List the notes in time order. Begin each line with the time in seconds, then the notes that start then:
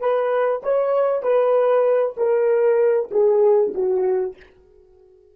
0.00 B4
0.63 C#5
1.23 B4
2.17 A#4
3.11 G#4
3.75 F#4